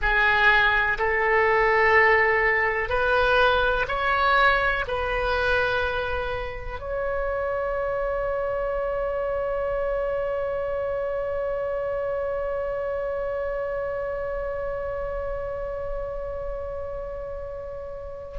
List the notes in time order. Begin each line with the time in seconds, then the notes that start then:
0.01 G#4
0.98 A4
2.89 B4
3.88 C#5
4.87 B4
6.79 C#5